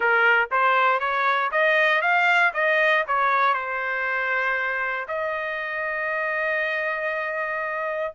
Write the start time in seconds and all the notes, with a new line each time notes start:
0.00 A#4
0.51 C5
0.99 C#5
1.51 D#5
2.01 F5
2.53 D#5
3.07 C#5
3.54 C5
5.08 D#5